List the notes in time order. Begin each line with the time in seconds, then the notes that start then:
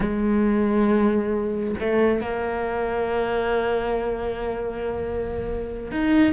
0.00 G#3
1.80 A3
2.20 A#3
5.91 D#4